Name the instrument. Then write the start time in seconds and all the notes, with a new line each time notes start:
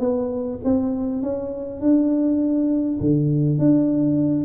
tuba
0.00 B3
0.65 C4
1.23 C#4
1.81 D4
3.01 D3
3.59 D4